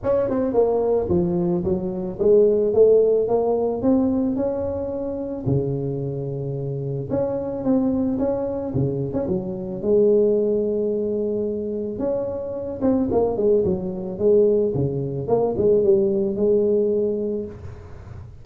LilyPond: \new Staff \with { instrumentName = "tuba" } { \time 4/4 \tempo 4 = 110 cis'8 c'8 ais4 f4 fis4 | gis4 a4 ais4 c'4 | cis'2 cis2~ | cis4 cis'4 c'4 cis'4 |
cis8. cis'16 fis4 gis2~ | gis2 cis'4. c'8 | ais8 gis8 fis4 gis4 cis4 | ais8 gis8 g4 gis2 | }